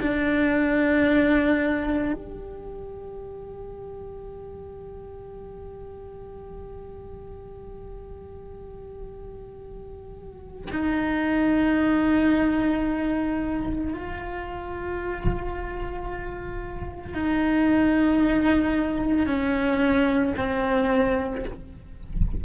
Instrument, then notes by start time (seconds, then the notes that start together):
cello
0.00 D4
2.13 G4
10.72 D#4
13.93 F4
17.14 D#4
19.26 C#4
20.37 C4